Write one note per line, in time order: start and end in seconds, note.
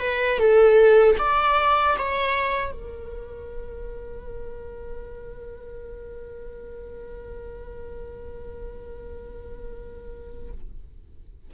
0.00 0.39 B4
0.39 1.17 A4
1.19 1.97 D5
1.98 2.72 C#5
2.72 10.52 A#4